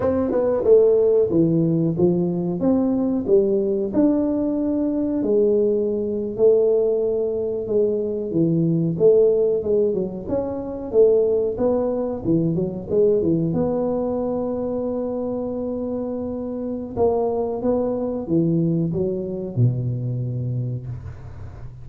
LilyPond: \new Staff \with { instrumentName = "tuba" } { \time 4/4 \tempo 4 = 92 c'8 b8 a4 e4 f4 | c'4 g4 d'2 | gis4.~ gis16 a2 gis16~ | gis8. e4 a4 gis8 fis8 cis'16~ |
cis'8. a4 b4 e8 fis8 gis16~ | gis16 e8 b2.~ b16~ | b2 ais4 b4 | e4 fis4 b,2 | }